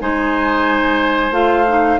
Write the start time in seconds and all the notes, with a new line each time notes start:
0.00 G#3 D#4 C5 G#5
1.31 A3 F4 F5
1.67 D#4